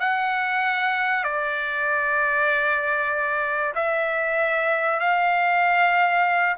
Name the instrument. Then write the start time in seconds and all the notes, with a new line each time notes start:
trumpet
0.00 F#5
1.24 D5
3.75 E5
5.00 F5